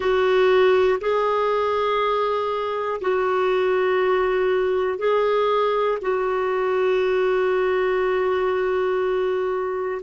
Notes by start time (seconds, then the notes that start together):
0.00 F#4
1.00 G#4
3.01 F#4
4.98 G#4
6.01 F#4